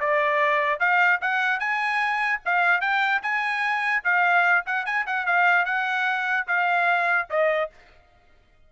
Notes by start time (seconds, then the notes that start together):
0.00 D5
0.79 F5
1.21 F#5
1.60 G#5
2.45 F5
2.81 G5
3.22 G#5
4.04 F5
4.66 F#5
4.86 G#5
5.06 F#5
5.26 F5
5.65 F#5
6.47 F5
7.30 D#5